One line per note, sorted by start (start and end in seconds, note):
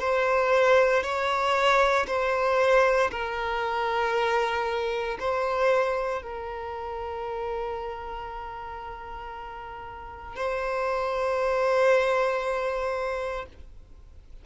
0.00 1.03 C5
1.03 2.06 C#5
2.07 3.11 C5
3.11 5.18 A#4
5.19 6.22 C5
6.22 10.35 A#4
10.35 13.46 C5